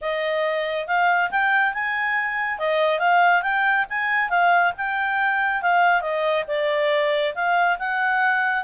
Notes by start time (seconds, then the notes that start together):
0.01 D#5
0.87 F5
1.30 G5
1.73 G#5
2.59 D#5
2.99 F5
3.42 G5
3.89 G#5
4.29 F5
4.77 G5
5.62 F5
6.01 D#5
6.47 D5
7.34 F5
7.79 F#5